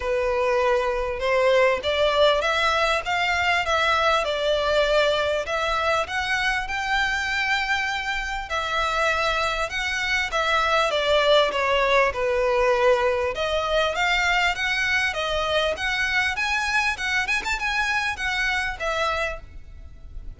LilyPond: \new Staff \with { instrumentName = "violin" } { \time 4/4 \tempo 4 = 99 b'2 c''4 d''4 | e''4 f''4 e''4 d''4~ | d''4 e''4 fis''4 g''4~ | g''2 e''2 |
fis''4 e''4 d''4 cis''4 | b'2 dis''4 f''4 | fis''4 dis''4 fis''4 gis''4 | fis''8 gis''16 a''16 gis''4 fis''4 e''4 | }